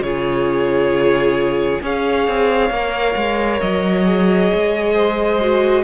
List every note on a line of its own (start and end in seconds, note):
0.00 1.79 C#3
0.00 1.81 F4
0.00 1.82 G#4
0.00 1.81 C#5
1.81 2.27 C#4
1.81 2.71 G#4
1.81 4.93 C#5
1.81 3.60 F5
2.27 2.70 C4
2.70 3.15 A#3
2.70 4.04 A#4
3.15 3.60 G#3
3.60 4.51 F#3
3.60 5.84 D#5
4.04 5.38 G#4
4.53 5.84 G#3
4.93 5.83 C5
5.40 5.84 F#4